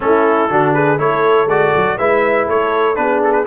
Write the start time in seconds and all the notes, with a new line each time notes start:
0.00 A3 C#4 E4 A4
0.49 D3 D4 F#4
0.73 G#4 B4
0.98 A3 E4 A4 C#5
1.46 G#3 F#4 D5
1.75 F#3
1.97 G#3 E4 B4 E5
2.46 A3 A4 C#5
2.95 B3 D4 G#4 B4
3.23 A4
3.32 B4